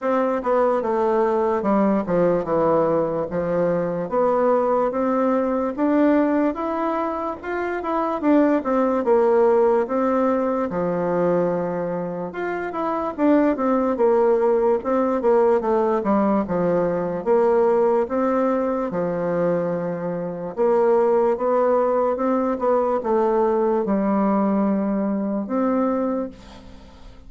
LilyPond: \new Staff \with { instrumentName = "bassoon" } { \time 4/4 \tempo 4 = 73 c'8 b8 a4 g8 f8 e4 | f4 b4 c'4 d'4 | e'4 f'8 e'8 d'8 c'8 ais4 | c'4 f2 f'8 e'8 |
d'8 c'8 ais4 c'8 ais8 a8 g8 | f4 ais4 c'4 f4~ | f4 ais4 b4 c'8 b8 | a4 g2 c'4 | }